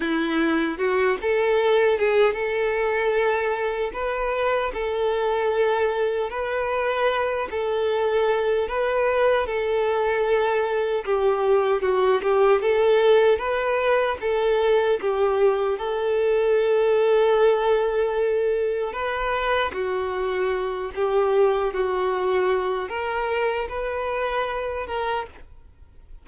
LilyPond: \new Staff \with { instrumentName = "violin" } { \time 4/4 \tempo 4 = 76 e'4 fis'8 a'4 gis'8 a'4~ | a'4 b'4 a'2 | b'4. a'4. b'4 | a'2 g'4 fis'8 g'8 |
a'4 b'4 a'4 g'4 | a'1 | b'4 fis'4. g'4 fis'8~ | fis'4 ais'4 b'4. ais'8 | }